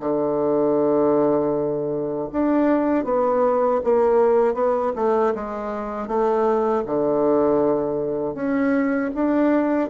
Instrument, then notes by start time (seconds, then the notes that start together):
bassoon
0.00 D3
2.33 D4
3.04 B3
3.84 A#3
4.54 B3
4.96 A3
5.35 G#3
6.07 A3
6.86 D3
8.34 C#4
9.15 D4